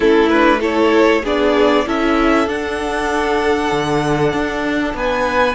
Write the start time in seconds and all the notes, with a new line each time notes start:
0.00 A3 C#4 E4 A4
0.29 D4 B4
0.60 E4 A4 C#5
1.23 B3 D4 G#4 D5
1.86 C#4 E4 A4 E5
2.46 D4 F#5
3.71 D3
4.33 D4
4.94 B3 B4 G#5